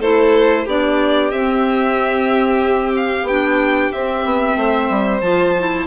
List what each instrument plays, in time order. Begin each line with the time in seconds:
0.00 bassoon A3, clarinet E4, violin A4 C5
0.65 bassoon B3, clarinet D4, violin G4 D5
1.30 bassoon C4, clarinet C4, violin E5
2.96 violin F5
3.23 bassoon B3, clarinet D4, violin G5
3.92 bassoon C4, clarinet C4, violin E5
4.25 bassoon B3
4.56 bassoon A3, violin C5
4.90 bassoon G3
5.21 bassoon F3, clarinet F4, violin A5
5.59 clarinet E4